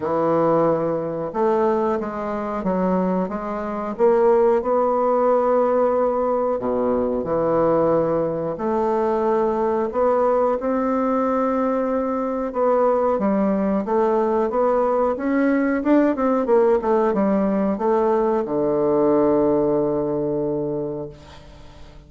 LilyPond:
\new Staff \with { instrumentName = "bassoon" } { \time 4/4 \tempo 4 = 91 e2 a4 gis4 | fis4 gis4 ais4 b4~ | b2 b,4 e4~ | e4 a2 b4 |
c'2. b4 | g4 a4 b4 cis'4 | d'8 c'8 ais8 a8 g4 a4 | d1 | }